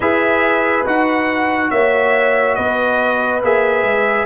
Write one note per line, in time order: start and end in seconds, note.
0.00 0.85 E4
0.00 0.85 G#4
0.00 1.70 B4
0.00 0.86 E5
0.85 1.71 D#4
0.85 3.42 F#4
0.85 1.70 F#5
1.70 2.57 A#3
1.70 2.56 C#5
1.70 2.54 E5
2.54 3.43 B3
2.54 4.25 B4
2.54 3.40 D#5
3.43 3.83 A#3
3.43 4.25 G#4
3.43 4.25 E5
3.83 4.25 G#3